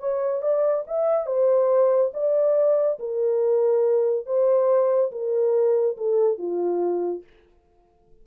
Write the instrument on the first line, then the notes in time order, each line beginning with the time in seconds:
horn
0.00 C#5
0.43 D5
0.87 E5
1.27 C5
2.14 D5
3.00 A#4
4.27 C5
5.12 A#4
5.98 A4
6.38 F4